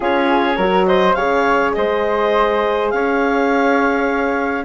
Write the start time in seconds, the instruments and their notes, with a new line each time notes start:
0.00 bassoon C#4, horn F4, flute G#4, clarinet C#5
0.56 bassoon F#3, horn F#4, flute A#4
0.87 flute C5, clarinet D#5
1.14 bassoon C#3, horn G#4, flute C#5, clarinet F5
1.73 bassoon G#3, flute C5, clarinet D#5
2.90 bassoon C#4, flute C#5, clarinet F5